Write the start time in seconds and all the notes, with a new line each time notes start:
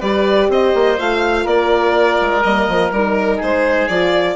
0.00 G3 G4 B4 D5
0.49 C4 C5 D#5
0.75 A#3
0.98 A3 F4 F5
1.45 A#3 A#4 D5
2.21 G#3
2.43 G3 A#3 D#5
2.69 F3
2.92 G3 D#4 A#4
3.37 G#3 G#4 C5
3.88 F3 F4 D5